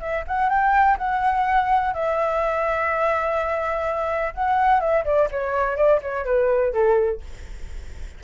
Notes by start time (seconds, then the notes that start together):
0.00 E5
0.27 F#5
0.49 G5
0.98 F#5
1.93 E5
4.34 F#5
4.80 E5
5.04 D5
5.30 C#5
5.76 D5
6.02 C#5
6.25 B4
6.73 A4